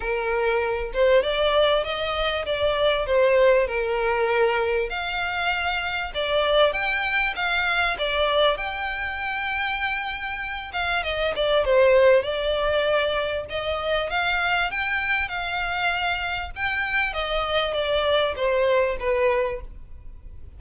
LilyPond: \new Staff \with { instrumentName = "violin" } { \time 4/4 \tempo 4 = 98 ais'4. c''8 d''4 dis''4 | d''4 c''4 ais'2 | f''2 d''4 g''4 | f''4 d''4 g''2~ |
g''4. f''8 dis''8 d''8 c''4 | d''2 dis''4 f''4 | g''4 f''2 g''4 | dis''4 d''4 c''4 b'4 | }